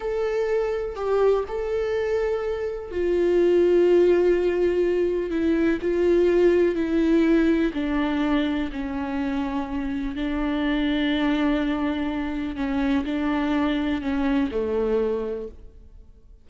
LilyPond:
\new Staff \with { instrumentName = "viola" } { \time 4/4 \tempo 4 = 124 a'2 g'4 a'4~ | a'2 f'2~ | f'2. e'4 | f'2 e'2 |
d'2 cis'2~ | cis'4 d'2.~ | d'2 cis'4 d'4~ | d'4 cis'4 a2 | }